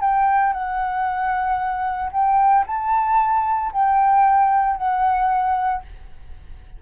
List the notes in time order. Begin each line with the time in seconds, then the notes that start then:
0.00 G5
0.53 F#5
2.11 G5
2.67 A5
3.72 G5
4.77 F#5